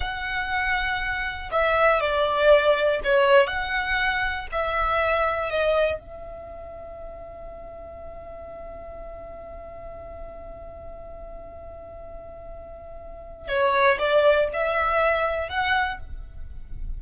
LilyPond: \new Staff \with { instrumentName = "violin" } { \time 4/4 \tempo 4 = 120 fis''2. e''4 | d''2 cis''4 fis''4~ | fis''4 e''2 dis''4 | e''1~ |
e''1~ | e''1~ | e''2. cis''4 | d''4 e''2 fis''4 | }